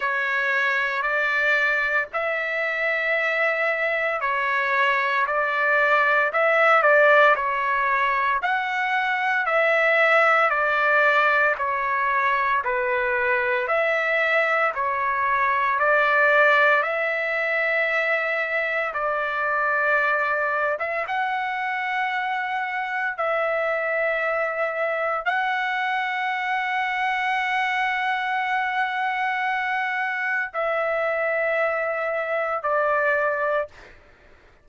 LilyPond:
\new Staff \with { instrumentName = "trumpet" } { \time 4/4 \tempo 4 = 57 cis''4 d''4 e''2 | cis''4 d''4 e''8 d''8 cis''4 | fis''4 e''4 d''4 cis''4 | b'4 e''4 cis''4 d''4 |
e''2 d''4.~ d''16 e''16 | fis''2 e''2 | fis''1~ | fis''4 e''2 d''4 | }